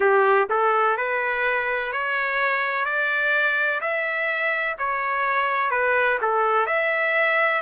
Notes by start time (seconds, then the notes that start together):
0.00 G4
0.49 A4
0.97 B4
1.92 C#5
2.85 D5
3.81 E5
4.78 C#5
5.71 B4
6.21 A4
6.66 E5